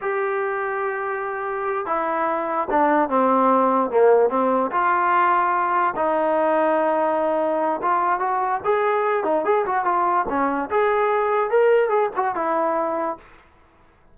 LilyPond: \new Staff \with { instrumentName = "trombone" } { \time 4/4 \tempo 4 = 146 g'1~ | g'8 e'2 d'4 c'8~ | c'4. ais4 c'4 f'8~ | f'2~ f'8 dis'4.~ |
dis'2. f'4 | fis'4 gis'4. dis'8 gis'8 fis'8 | f'4 cis'4 gis'2 | ais'4 gis'8 fis'8 e'2 | }